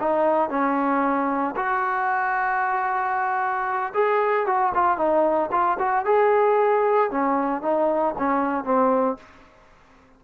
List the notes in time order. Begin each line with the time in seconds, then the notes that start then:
0.00 D#4
0.50 C#4
1.56 F#4
3.94 G#4
4.46 F#4
4.74 F4
4.97 D#4
5.51 F4
5.79 F#4
6.05 G#4
7.11 C#4
7.62 D#4
8.18 C#4
8.64 C4